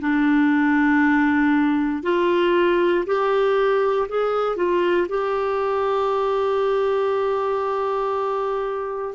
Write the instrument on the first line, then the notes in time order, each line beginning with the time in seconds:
clarinet
0.00 D4
2.03 F4
3.06 G4
4.09 G#4
4.56 F4
5.09 G4